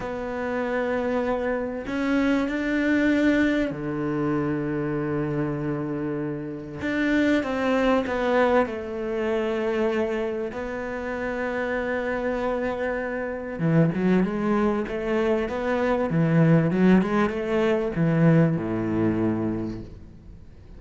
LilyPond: \new Staff \with { instrumentName = "cello" } { \time 4/4 \tempo 4 = 97 b2. cis'4 | d'2 d2~ | d2. d'4 | c'4 b4 a2~ |
a4 b2.~ | b2 e8 fis8 gis4 | a4 b4 e4 fis8 gis8 | a4 e4 a,2 | }